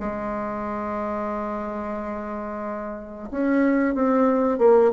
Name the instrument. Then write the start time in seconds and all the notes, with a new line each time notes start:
bassoon
0.00 G#3
3.31 C#4
3.95 C4
4.59 A#3